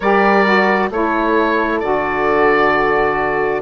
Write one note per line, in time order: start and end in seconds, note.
0.00 0.90 G3
0.00 0.45 G4
0.00 0.90 A#4
0.00 0.89 D5
0.45 0.90 F#4
0.90 1.81 A3
0.90 1.81 E4
0.90 3.61 A4
0.90 1.79 C#5
1.79 3.61 D3
1.79 3.61 F#4
1.79 3.61 D5